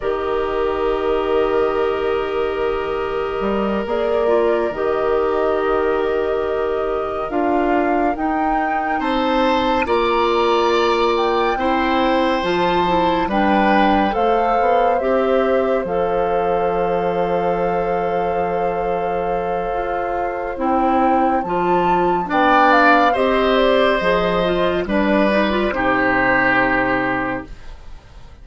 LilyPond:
<<
  \new Staff \with { instrumentName = "flute" } { \time 4/4 \tempo 4 = 70 dis''1~ | dis''8 d''4 dis''2~ dis''8~ | dis''8 f''4 g''4 a''4 ais''8~ | ais''4 g''4. a''4 g''8~ |
g''8 f''4 e''4 f''4.~ | f''1 | g''4 a''4 g''8 f''8 dis''8 d''8 | dis''4 d''4 c''2 | }
  \new Staff \with { instrumentName = "oboe" } { \time 4/4 ais'1~ | ais'1~ | ais'2~ ais'8 c''4 d''8~ | d''4. c''2 b'8~ |
b'8 c''2.~ c''8~ | c''1~ | c''2 d''4 c''4~ | c''4 b'4 g'2 | }
  \new Staff \with { instrumentName = "clarinet" } { \time 4/4 g'1~ | g'8 gis'8 f'8 g'2~ g'8~ | g'8 f'4 dis'2 f'8~ | f'4. e'4 f'8 e'8 d'8~ |
d'8 a'4 g'4 a'4.~ | a'1 | e'4 f'4 d'4 g'4 | gis'8 f'8 d'8 dis'16 f'16 dis'2 | }
  \new Staff \with { instrumentName = "bassoon" } { \time 4/4 dis1 | g8 ais4 dis2~ dis8~ | dis8 d'4 dis'4 c'4 ais8~ | ais4. c'4 f4 g8~ |
g8 a8 b8 c'4 f4.~ | f2. f'4 | c'4 f4 b4 c'4 | f4 g4 c2 | }
>>